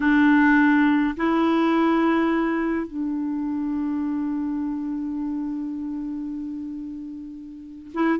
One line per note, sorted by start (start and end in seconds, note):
0.00 1.15 D4
1.17 2.86 E4
2.86 7.91 D4
7.94 8.19 E4